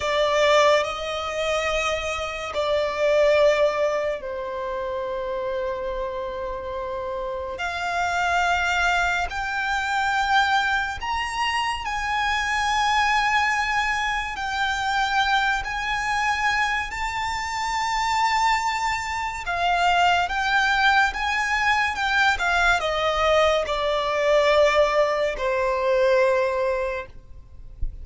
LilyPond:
\new Staff \with { instrumentName = "violin" } { \time 4/4 \tempo 4 = 71 d''4 dis''2 d''4~ | d''4 c''2.~ | c''4 f''2 g''4~ | g''4 ais''4 gis''2~ |
gis''4 g''4. gis''4. | a''2. f''4 | g''4 gis''4 g''8 f''8 dis''4 | d''2 c''2 | }